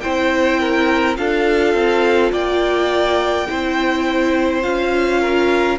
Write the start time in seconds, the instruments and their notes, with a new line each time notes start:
0.00 cello C4, viola E4, violin C5 G5
0.60 violin A#4
1.16 cello D4, viola F4, violin A4 F5
1.74 cello C4
2.32 cello A#3, violin D5 G5
3.48 cello C4, viola E4, violin C5
4.62 cello C#4, viola F4, violin F5
5.20 violin A#4